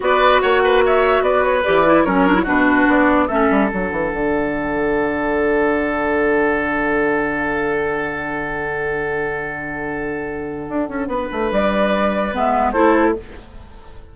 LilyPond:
<<
  \new Staff \with { instrumentName = "flute" } { \time 4/4 \tempo 4 = 146 d''4 fis''4 e''4 d''8 cis''8 | d''4 cis''4 b'4 d''4 | e''4 fis''2.~ | fis''1~ |
fis''1~ | fis''1~ | fis''1 | d''2 e''4 c''4 | }
  \new Staff \with { instrumentName = "oboe" } { \time 4/4 b'4 cis''8 b'8 cis''4 b'4~ | b'4 ais'4 fis'2 | a'1~ | a'1~ |
a'1~ | a'1~ | a'2. b'4~ | b'2. a'4 | }
  \new Staff \with { instrumentName = "clarinet" } { \time 4/4 fis'1 | g'8 e'8 cis'8 d'16 e'16 d'2 | cis'4 d'2.~ | d'1~ |
d'1~ | d'1~ | d'1~ | d'2 b4 e'4 | }
  \new Staff \with { instrumentName = "bassoon" } { \time 4/4 b4 ais2 b4 | e4 fis4 b,4 b4 | a8 g8 fis8 e8 d2~ | d1~ |
d1~ | d1~ | d2 d'8 cis'8 b8 a8 | g2 gis4 a4 | }
>>